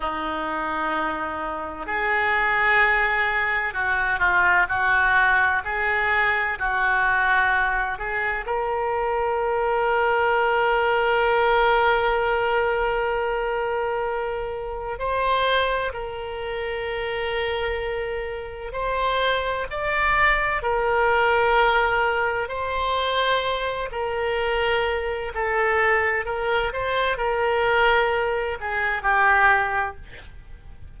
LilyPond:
\new Staff \with { instrumentName = "oboe" } { \time 4/4 \tempo 4 = 64 dis'2 gis'2 | fis'8 f'8 fis'4 gis'4 fis'4~ | fis'8 gis'8 ais'2.~ | ais'1 |
c''4 ais'2. | c''4 d''4 ais'2 | c''4. ais'4. a'4 | ais'8 c''8 ais'4. gis'8 g'4 | }